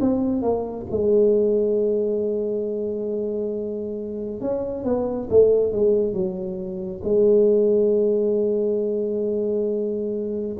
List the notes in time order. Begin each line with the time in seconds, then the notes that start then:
0.00 C4
0.42 A#3
0.90 G#3
4.40 C#4
4.84 B3
5.30 A3
5.72 G#3
6.12 F#3
7.03 G#3